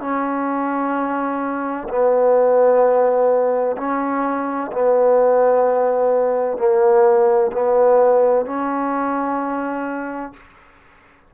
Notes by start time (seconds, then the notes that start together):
0.00 C#4
1.88 B3
3.77 C#4
4.72 B3
6.57 A#3
7.52 B3
8.45 C#4